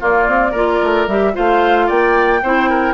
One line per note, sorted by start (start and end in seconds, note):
0.00 0.54 A#3
0.00 0.27 A#3
0.00 0.51 F4
0.00 1.08 D5
0.27 0.53 C4
0.51 0.80 A#3
0.51 1.09 F4
0.51 1.32 A#4
0.83 1.07 A3
1.07 1.34 G3
1.07 1.33 G4
1.07 1.35 E5
1.33 1.90 A3
1.33 2.40 F4
1.33 1.86 C5
1.33 1.89 F5
1.86 2.42 A#3
1.86 2.40 D5
1.86 2.94 G5
2.42 2.94 C4
2.42 2.94 E4
2.42 2.70 C5
2.70 2.94 A#4